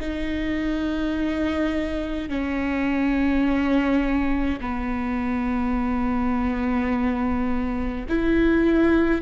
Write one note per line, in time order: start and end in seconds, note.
0.00 2.29 D#4
2.29 4.59 C#4
4.60 8.07 B3
8.09 9.22 E4